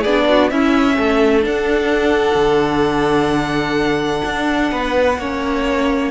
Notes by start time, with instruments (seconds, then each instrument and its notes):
0.00 cello B3, violin G#4 D5
0.06 viola D4
0.29 violin F#4
0.50 cello C#4, viola C#4, violin E4 E5
0.96 cello A3, violin A4
1.41 viola D4, cello D4, violin F#5
2.34 cello D3
4.24 cello D4
4.71 cello B3, violin B4
5.18 cello A#3, viola C#4, violin C#5